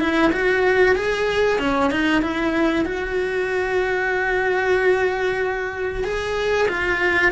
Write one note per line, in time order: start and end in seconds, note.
0.00 0.32 E4
0.33 0.96 F#4
0.96 1.59 G#4
1.59 1.91 C#4
1.91 2.22 D#4
2.22 2.85 E4
2.85 6.04 F#4
6.04 6.68 G#4
6.68 7.32 F4